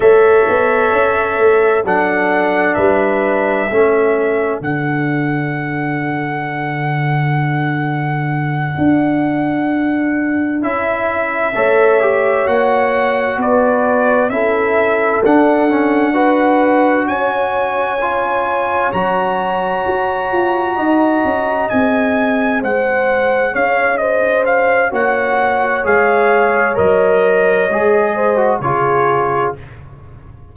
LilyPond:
<<
  \new Staff \with { instrumentName = "trumpet" } { \time 4/4 \tempo 4 = 65 e''2 fis''4 e''4~ | e''4 fis''2.~ | fis''2.~ fis''8 e''8~ | e''4. fis''4 d''4 e''8~ |
e''8 fis''2 gis''4.~ | gis''8 ais''2. gis''8~ | gis''8 fis''4 f''8 dis''8 f''8 fis''4 | f''4 dis''2 cis''4 | }
  \new Staff \with { instrumentName = "horn" } { \time 4/4 cis''2 a'4 b'4 | a'1~ | a'1~ | a'8 cis''2 b'4 a'8~ |
a'4. b'4 cis''4.~ | cis''2~ cis''8 dis''4.~ | dis''8 c''4 cis''8 c''4 cis''4~ | cis''2~ cis''8 c''8 gis'4 | }
  \new Staff \with { instrumentName = "trombone" } { \time 4/4 a'2 d'2 | cis'4 d'2.~ | d'2.~ d'8 e'8~ | e'8 a'8 g'8 fis'2 e'8~ |
e'8 d'8 cis'8 fis'2 f'8~ | f'8 fis'2. gis'8~ | gis'2. fis'4 | gis'4 ais'4 gis'8. fis'16 f'4 | }
  \new Staff \with { instrumentName = "tuba" } { \time 4/4 a8 b8 cis'8 a8 fis4 g4 | a4 d2.~ | d4. d'2 cis'8~ | cis'8 a4 ais4 b4 cis'8~ |
cis'8 d'2 cis'4.~ | cis'8 fis4 fis'8 f'8 dis'8 cis'8 c'8~ | c'8 gis4 cis'4. ais4 | gis4 fis4 gis4 cis4 | }
>>